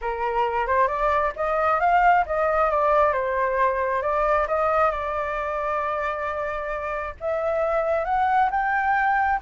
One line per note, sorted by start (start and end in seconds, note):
0.01 0.66 A#4
0.66 0.87 C5
0.87 1.32 D5
1.36 1.80 D#5
1.80 2.24 F5
2.26 2.70 D#5
2.70 3.13 D5
3.13 4.02 C5
4.02 4.47 D5
4.47 4.91 D#5
4.91 7.14 D5
7.20 8.04 E5
8.04 8.49 F#5
8.50 9.40 G5